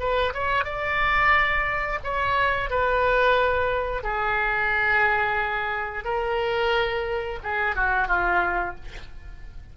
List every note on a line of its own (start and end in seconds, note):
0.00 0.34 B4
0.34 0.65 C#5
0.65 2.00 D5
2.04 2.71 C#5
2.71 4.04 B4
4.04 6.05 G#4
6.05 7.39 A#4
7.43 7.76 G#4
7.76 8.08 F#4
8.08 8.75 F4